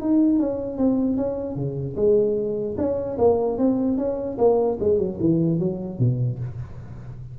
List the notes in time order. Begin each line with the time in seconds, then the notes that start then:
0.00 D#4
0.39 C#4
0.77 C4
1.17 C#4
1.55 C#3
1.96 G#3
2.77 C#4
3.18 A#3
3.58 C4
3.97 C#4
4.37 A#3
4.80 G#3
4.98 F#3
5.20 E3
5.59 F#3
5.99 B2